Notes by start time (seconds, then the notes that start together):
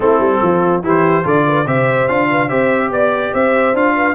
0.00 A3 C4 E4 A4
0.19 G3
0.41 F3 F4
0.82 E3 E4 G4 C5
1.23 D3 F4 A4 D5
1.47 B4
1.66 C3 G4 C5 E5
2.08 D4 F4 F5
2.30 B4
2.48 C4 G4 C5 E5
2.90 B3 D5
3.32 C4 C5 E5
3.73 D4 F4 F5
3.95 B4